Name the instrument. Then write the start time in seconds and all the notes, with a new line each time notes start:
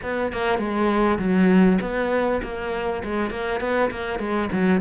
cello
0.02 B3
0.32 A#3
0.58 G#3
1.18 F#3
1.81 B3
2.42 A#3
3.04 G#3
3.30 A#3
3.60 B3
3.91 A#3
4.19 G#3
4.52 F#3